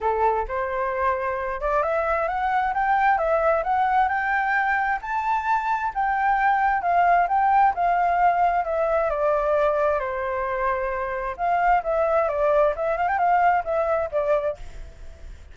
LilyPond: \new Staff \with { instrumentName = "flute" } { \time 4/4 \tempo 4 = 132 a'4 c''2~ c''8 d''8 | e''4 fis''4 g''4 e''4 | fis''4 g''2 a''4~ | a''4 g''2 f''4 |
g''4 f''2 e''4 | d''2 c''2~ | c''4 f''4 e''4 d''4 | e''8 f''16 g''16 f''4 e''4 d''4 | }